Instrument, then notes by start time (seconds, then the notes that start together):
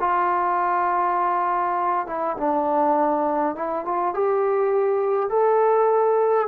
trombone
0.00 F4
2.07 E4
2.37 D4
3.56 E4
3.85 F4
4.14 G4
5.30 A4